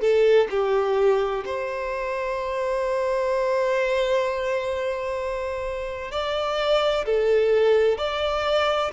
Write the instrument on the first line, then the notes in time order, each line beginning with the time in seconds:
violin
0.00 A4
0.50 G4
1.45 C5
6.11 D5
7.05 A4
7.97 D5